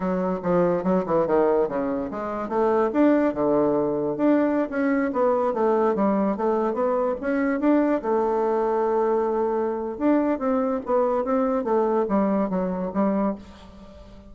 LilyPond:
\new Staff \with { instrumentName = "bassoon" } { \time 4/4 \tempo 4 = 144 fis4 f4 fis8 e8 dis4 | cis4 gis4 a4 d'4 | d2 d'4~ d'16 cis'8.~ | cis'16 b4 a4 g4 a8.~ |
a16 b4 cis'4 d'4 a8.~ | a1 | d'4 c'4 b4 c'4 | a4 g4 fis4 g4 | }